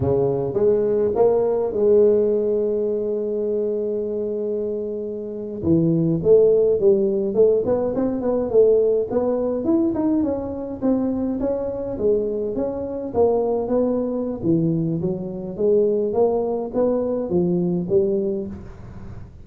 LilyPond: \new Staff \with { instrumentName = "tuba" } { \time 4/4 \tempo 4 = 104 cis4 gis4 ais4 gis4~ | gis1~ | gis4.~ gis16 e4 a4 g16~ | g8. a8 b8 c'8 b8 a4 b16~ |
b8. e'8 dis'8 cis'4 c'4 cis'16~ | cis'8. gis4 cis'4 ais4 b16~ | b4 e4 fis4 gis4 | ais4 b4 f4 g4 | }